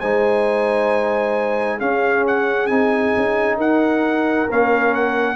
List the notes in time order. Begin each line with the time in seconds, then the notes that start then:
0.00 G#3 D#4 C5 G#5
1.78 C#4 G#4 F5
2.27 F#5
2.66 C4 D#4 G#5
3.17 C#4
3.56 D#4 A#4 F#5
4.50 A#3 C#4 F5
4.94 F#5